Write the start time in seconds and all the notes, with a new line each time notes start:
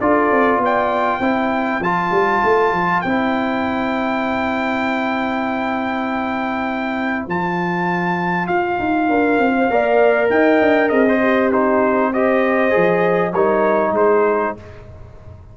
0.00 D4 F4 A4 D5
0.31 C4
0.57 B3 D5
0.65 G5
1.20 C4 E4 C5
1.79 F3 F4 A5
2.10 G3
2.43 A3
2.72 F3
3.01 C4 E4 G5
7.27 F3 F4 A5
8.47 F4 F5
8.79 D#4
9.08 D4 A#4
9.38 C4
9.57 C5
9.70 A#3 A#4 D5
10.29 D#4 D#5 G5
10.61 D4
10.89 C4 G#4 D#5
11.08 C5
11.21 G4
11.52 D#4 C5
12.12 G4 C5 D#5
12.70 F3 G#4
13.32 G3 D#4 A#4 C#5
13.91 G#3 G#4 C5